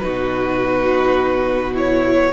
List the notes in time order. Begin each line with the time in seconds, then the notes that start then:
0.00 D#4 F#4 B4
0.06 B2
1.75 E4 C#5